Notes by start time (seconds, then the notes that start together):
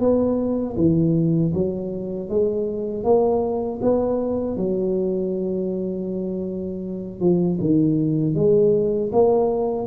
0.00 B3
0.77 E3
1.54 F#3
2.29 G#3
3.04 A#3
3.82 B3
4.57 F#3
7.20 F3
7.61 D#3
8.35 G#3
9.12 A#3